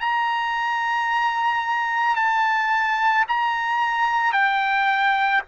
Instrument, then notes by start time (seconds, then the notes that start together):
trumpet
0.00 A#5
2.16 A5
3.28 A#5
4.32 G5